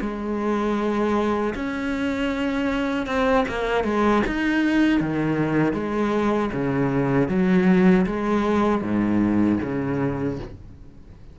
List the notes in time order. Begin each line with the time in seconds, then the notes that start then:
0.00 G#3
1.55 C#4
3.06 C4
3.48 A#3
3.84 G#3
4.27 D#4
5.00 D#3
5.73 G#3
6.52 C#3
7.28 F#3
8.06 G#3
8.82 G#2
9.62 C#3